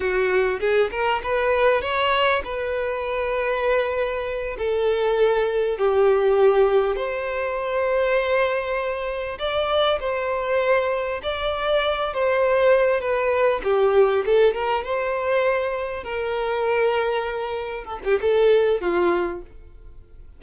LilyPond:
\new Staff \with { instrumentName = "violin" } { \time 4/4 \tempo 4 = 99 fis'4 gis'8 ais'8 b'4 cis''4 | b'2.~ b'8 a'8~ | a'4. g'2 c''8~ | c''2.~ c''8 d''8~ |
d''8 c''2 d''4. | c''4. b'4 g'4 a'8 | ais'8 c''2 ais'4.~ | ais'4. a'16 g'16 a'4 f'4 | }